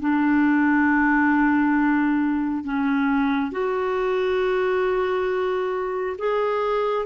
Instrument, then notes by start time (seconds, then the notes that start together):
clarinet
0.00 D4
2.64 C#4
3.52 F#4
6.18 G#4